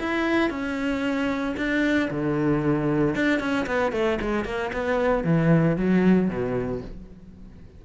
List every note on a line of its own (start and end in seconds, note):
0.00 0.50 E4
0.50 1.56 C#4
1.57 2.10 D4
2.11 3.16 D3
3.16 3.40 D4
3.40 3.66 C#4
3.67 3.93 B3
3.93 4.19 A3
4.22 4.45 G#3
4.45 4.72 A#3
4.73 5.24 B3
5.24 5.77 E3
5.77 6.29 F#3
6.29 6.82 B2